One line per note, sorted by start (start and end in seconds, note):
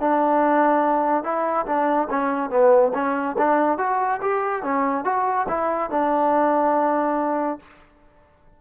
0.00 1.23 D4
1.23 1.66 E4
1.66 2.08 D4
2.10 2.50 C#4
2.50 2.92 B3
2.94 3.36 C#4
3.38 3.78 D4
3.78 4.20 F#4
4.21 4.63 G4
4.63 5.04 C#4
5.04 5.47 F#4
5.49 5.90 E4
5.90 7.59 D4